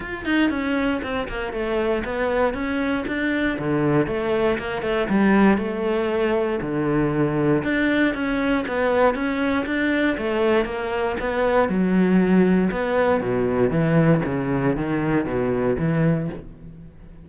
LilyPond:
\new Staff \with { instrumentName = "cello" } { \time 4/4 \tempo 4 = 118 f'8 dis'8 cis'4 c'8 ais8 a4 | b4 cis'4 d'4 d4 | a4 ais8 a8 g4 a4~ | a4 d2 d'4 |
cis'4 b4 cis'4 d'4 | a4 ais4 b4 fis4~ | fis4 b4 b,4 e4 | cis4 dis4 b,4 e4 | }